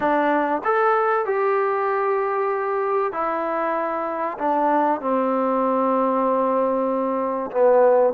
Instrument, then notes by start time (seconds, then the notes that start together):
trombone
0.00 D4
0.64 A4
1.25 G4
3.12 E4
4.38 D4
5.00 C4
7.51 B3